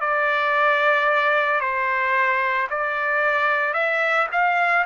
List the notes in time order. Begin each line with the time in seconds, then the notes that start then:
0.00 D5
1.60 C5
2.70 D5
3.74 E5
4.31 F5